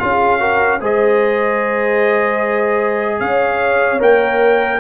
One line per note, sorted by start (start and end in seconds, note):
0.00 0.81 C#4
0.00 0.40 F4
0.00 0.40 G#4
0.00 0.80 F5
0.40 0.80 F#4
0.40 0.80 A#4
0.81 3.21 G#3
0.81 4.00 G#4
0.81 3.21 C5
0.81 3.20 D#5
3.20 4.01 C#4
3.20 4.80 C#5
3.20 4.00 F5
4.00 4.80 A#3
4.00 4.80 A#4
4.00 4.80 G5